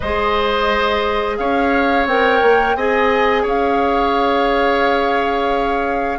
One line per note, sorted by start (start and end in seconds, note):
0.00 1.38 G#3
0.00 2.09 G#4
0.00 1.36 C5
0.00 1.37 D#5
1.37 2.06 C#4
1.37 2.77 C#5
1.37 2.06 F5
2.06 2.40 C4
2.06 2.77 A#4
2.06 2.76 G5
2.42 2.75 A#3
2.75 3.44 C4
2.75 6.19 G#4
2.75 3.43 D#5
2.75 3.45 G#5
3.43 6.19 C#4
3.43 6.18 C#5
3.43 6.19 F5